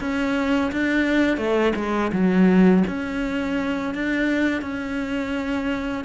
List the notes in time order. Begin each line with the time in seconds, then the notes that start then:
0.00 C#4
0.72 D4
1.37 A3
1.76 G#3
2.12 F#3
2.87 C#4
3.94 D4
4.62 C#4